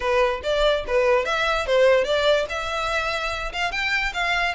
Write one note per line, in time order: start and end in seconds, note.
0.00 0.41 B4
0.43 0.84 D5
0.87 1.25 B4
1.25 1.66 E5
1.66 2.04 C5
2.04 2.45 D5
2.49 3.52 E5
3.53 3.71 F5
3.71 4.12 G5
4.13 4.54 F5